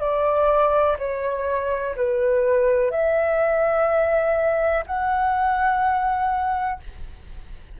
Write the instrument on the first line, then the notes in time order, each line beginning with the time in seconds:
flute
0.00 D5
0.99 C#5
1.96 B4
2.91 E5
4.87 F#5